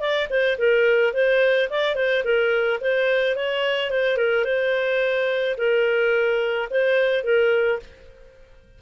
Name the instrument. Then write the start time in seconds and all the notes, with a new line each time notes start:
clarinet
0.00 D5
0.30 C5
0.58 A#4
1.14 C5
1.70 D5
1.96 C5
2.24 A#4
2.81 C5
3.36 C#5
3.91 C5
4.17 A#4
4.45 C5
5.57 A#4
6.70 C5
7.24 A#4